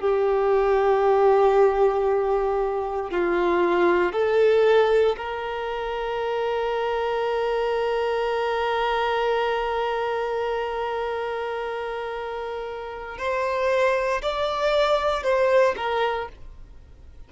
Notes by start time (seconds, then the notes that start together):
0.00 G4
3.10 F4
4.12 A4
5.16 A#4
13.18 C5
14.21 D5
15.23 C5
15.76 A#4